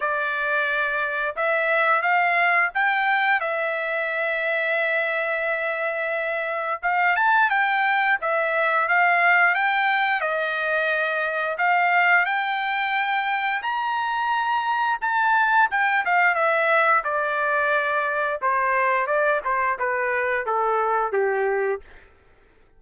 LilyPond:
\new Staff \with { instrumentName = "trumpet" } { \time 4/4 \tempo 4 = 88 d''2 e''4 f''4 | g''4 e''2.~ | e''2 f''8 a''8 g''4 | e''4 f''4 g''4 dis''4~ |
dis''4 f''4 g''2 | ais''2 a''4 g''8 f''8 | e''4 d''2 c''4 | d''8 c''8 b'4 a'4 g'4 | }